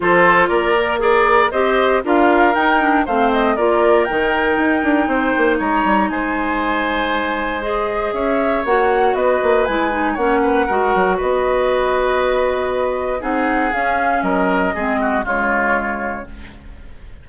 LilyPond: <<
  \new Staff \with { instrumentName = "flute" } { \time 4/4 \tempo 4 = 118 c''4 d''4 ais'4 dis''4 | f''4 g''4 f''8 dis''8 d''4 | g''2. ais''4 | gis''2. dis''4 |
e''4 fis''4 dis''4 gis''4 | fis''2 dis''2~ | dis''2 fis''4 f''4 | dis''2 cis''2 | }
  \new Staff \with { instrumentName = "oboe" } { \time 4/4 a'4 ais'4 d''4 c''4 | ais'2 c''4 ais'4~ | ais'2 c''4 cis''4 | c''1 |
cis''2 b'2 | cis''8 b'8 ais'4 b'2~ | b'2 gis'2 | ais'4 gis'8 fis'8 f'2 | }
  \new Staff \with { instrumentName = "clarinet" } { \time 4/4 f'4. ais'8 gis'4 g'4 | f'4 dis'8 d'8 c'4 f'4 | dis'1~ | dis'2. gis'4~ |
gis'4 fis'2 e'8 dis'8 | cis'4 fis'2.~ | fis'2 dis'4 cis'4~ | cis'4 c'4 gis2 | }
  \new Staff \with { instrumentName = "bassoon" } { \time 4/4 f4 ais2 c'4 | d'4 dis'4 a4 ais4 | dis4 dis'8 d'8 c'8 ais8 gis8 g8 | gis1 |
cis'4 ais4 b8 ais8 gis4 | ais4 gis8 fis8 b2~ | b2 c'4 cis'4 | fis4 gis4 cis2 | }
>>